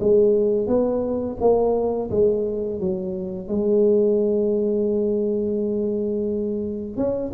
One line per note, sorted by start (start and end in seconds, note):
0.00 0.68 G#3
0.68 1.37 B3
1.41 2.11 A#3
2.11 2.80 G#3
2.80 3.48 F#3
3.48 6.97 G#3
6.97 7.32 C#4